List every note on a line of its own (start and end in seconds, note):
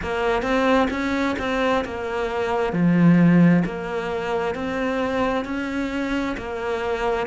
0.02 0.42 A#3
0.42 0.88 C4
0.90 1.36 C#4
1.38 1.84 C4
1.84 2.72 A#3
2.72 3.63 F3
3.65 4.55 A#3
4.55 5.45 C4
5.45 6.36 C#4
6.37 7.26 A#3